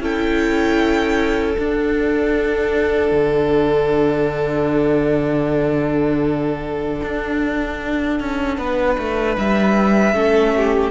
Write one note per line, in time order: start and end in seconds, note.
0.00 1.56 C#4
0.00 1.56 E4
0.00 8.58 A4
0.00 1.57 G5
1.57 3.11 D4
1.57 10.13 D4
1.57 9.36 F#5
3.11 7.01 D3
7.02 8.19 D4
8.19 8.57 C#4
8.57 8.96 B3
8.57 10.14 B4
8.98 9.37 A3
9.37 10.13 G3
9.37 10.91 E5
10.13 10.91 A3
10.13 10.91 C#4
10.13 10.53 A4
10.56 10.91 G4